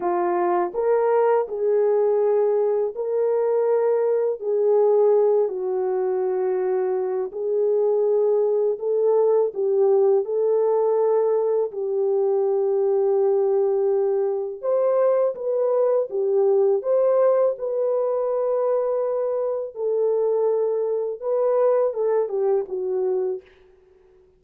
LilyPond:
\new Staff \with { instrumentName = "horn" } { \time 4/4 \tempo 4 = 82 f'4 ais'4 gis'2 | ais'2 gis'4. fis'8~ | fis'2 gis'2 | a'4 g'4 a'2 |
g'1 | c''4 b'4 g'4 c''4 | b'2. a'4~ | a'4 b'4 a'8 g'8 fis'4 | }